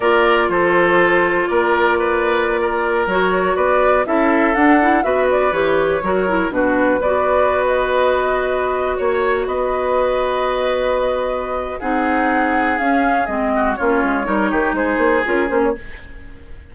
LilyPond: <<
  \new Staff \with { instrumentName = "flute" } { \time 4/4 \tempo 4 = 122 d''4 c''2 d''4~ | d''2~ d''16 cis''4 d''8.~ | d''16 e''4 fis''4 e''8 d''8 cis''8.~ | cis''4~ cis''16 b'4 d''4~ d''16 dis''8~ |
dis''2~ dis''16 cis''4 dis''8.~ | dis''1 | fis''2 f''4 dis''4 | cis''2 c''4 ais'8 c''16 cis''16 | }
  \new Staff \with { instrumentName = "oboe" } { \time 4/4 ais'4 a'2 ais'4 | b'4~ b'16 ais'2 b'8.~ | b'16 a'2 b'4.~ b'16~ | b'16 ais'4 fis'4 b'4.~ b'16~ |
b'2~ b'16 cis''4 b'8.~ | b'1 | gis'2.~ gis'8 fis'8 | f'4 ais'8 g'8 gis'2 | }
  \new Staff \with { instrumentName = "clarinet" } { \time 4/4 f'1~ | f'2~ f'16 fis'4.~ fis'16~ | fis'16 e'4 d'8 e'8 fis'4 g'8.~ | g'16 fis'8 e'8 d'4 fis'4.~ fis'16~ |
fis'1~ | fis'1 | dis'2 cis'4 c'4 | cis'4 dis'2 f'8 cis'8 | }
  \new Staff \with { instrumentName = "bassoon" } { \time 4/4 ais4 f2 ais4~ | ais2~ ais16 fis4 b8.~ | b16 cis'4 d'4 b4 e8.~ | e16 fis4 b,4 b4.~ b16~ |
b2~ b16 ais4 b8.~ | b1 | c'2 cis'4 gis4 | ais8 gis8 g8 dis8 gis8 ais8 cis'8 ais8 | }
>>